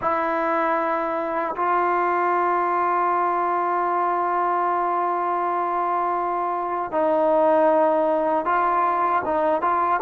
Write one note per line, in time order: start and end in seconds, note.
0.01 1.55 E4
1.56 6.91 F4
6.91 8.45 D#4
8.45 9.22 F4
9.25 9.61 D#4
9.61 10.00 F4